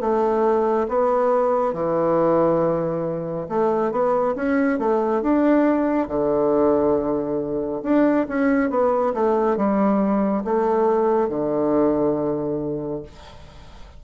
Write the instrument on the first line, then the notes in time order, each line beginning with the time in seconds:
bassoon
0.00 A3
0.88 B3
1.73 E3
3.48 A3
3.91 B3
4.35 C#4
4.79 A3
5.22 D4
6.08 D3
7.83 D4
8.28 C#4
8.70 B3
9.14 A3
9.57 G3
10.44 A3
11.28 D3